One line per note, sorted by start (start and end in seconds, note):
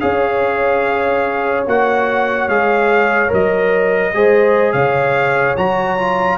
0.00 1.67 C#4
0.00 1.65 G#4
0.00 4.12 C#5
0.00 1.64 F5
1.67 2.48 A#3
1.67 2.49 F#4
1.67 2.49 F#5
2.48 3.30 G#3
2.48 3.28 G#4
2.48 3.31 F5
3.28 4.14 F#3
3.28 4.10 A#4
3.28 4.73 D#5
4.14 4.74 G#3
4.14 5.57 G#4
4.14 4.73 C5
4.73 5.56 C#3
4.73 6.38 C#5
4.73 5.55 F5
5.57 6.38 F#3
5.57 5.98 F#4
5.57 6.38 A#5
5.98 6.38 F4